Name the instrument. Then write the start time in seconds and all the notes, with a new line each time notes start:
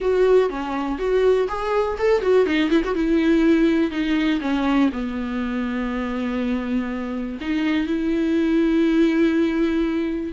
viola
0.00 F#4
0.49 C#4
0.98 F#4
1.48 G#4
1.98 A4
2.21 F#4
2.46 D#4
2.70 E4
2.84 F#4
2.94 E4
3.91 D#4
4.40 C#4
4.92 B3
7.40 D#4
7.87 E4